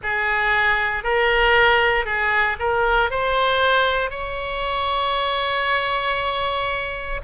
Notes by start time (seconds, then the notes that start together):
0.03 G#4
1.03 A#4
2.05 G#4
2.59 A#4
3.10 C5
4.10 C#5